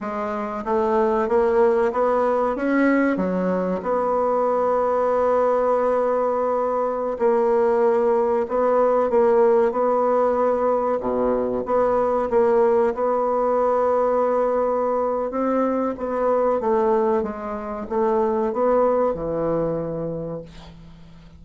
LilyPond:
\new Staff \with { instrumentName = "bassoon" } { \time 4/4 \tempo 4 = 94 gis4 a4 ais4 b4 | cis'4 fis4 b2~ | b2.~ b16 ais8.~ | ais4~ ais16 b4 ais4 b8.~ |
b4~ b16 b,4 b4 ais8.~ | ais16 b2.~ b8. | c'4 b4 a4 gis4 | a4 b4 e2 | }